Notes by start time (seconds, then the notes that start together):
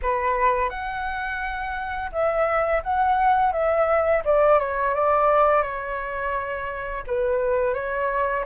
0.02 B4
0.69 F#5
2.11 E5
2.83 F#5
3.52 E5
4.24 D5
4.59 C#5
4.94 D5
5.62 C#5
7.07 B4
7.74 C#5